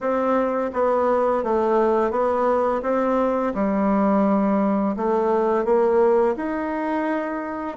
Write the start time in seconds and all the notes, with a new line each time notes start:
0.00 C4
0.73 B3
1.43 A3
2.10 B3
2.82 C4
3.54 G3
4.96 A3
5.64 A#3
6.36 D#4